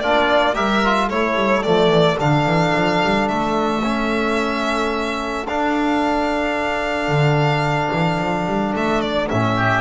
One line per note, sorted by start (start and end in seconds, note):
0.00 0.56 A#3
0.00 0.54 D4
0.00 0.55 F4
0.00 0.55 D5
0.54 1.10 G3
0.54 0.81 G4
0.54 1.08 A#4
0.54 1.09 E5
0.85 1.12 F4
1.08 1.35 A3
1.08 1.64 E4
1.08 9.53 A4
1.08 1.63 C#5
1.35 1.62 G3
1.63 1.89 F3
1.63 2.18 A3
1.63 2.17 D5
1.89 2.16 E3
2.18 2.46 D3
2.18 3.82 D4
2.18 3.28 F5
2.46 2.73 E3
2.75 3.03 F3
3.03 3.29 G3
3.28 5.47 A3
3.28 5.46 E5
3.83 5.46 C#4
5.47 7.08 D4
5.47 9.30 D4
5.47 8.75 F5
7.08 7.90 D3
7.92 8.19 E3
8.19 8.46 F3
8.46 8.73 G3
8.75 9.30 A3
8.75 9.01 E5
9.01 9.29 D5
9.29 9.81 A2
9.29 9.81 C#4
9.29 9.81 E5
9.57 9.81 G4